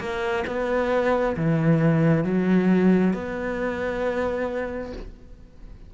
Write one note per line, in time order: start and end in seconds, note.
0.00 0.45 A#3
0.47 1.37 B3
1.37 2.24 E3
2.24 3.14 F#3
3.14 4.93 B3